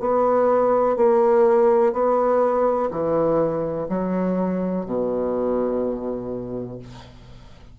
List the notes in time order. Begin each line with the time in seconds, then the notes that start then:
0.00 B3
0.97 A#3
1.93 B3
2.91 E3
3.89 F#3
4.86 B2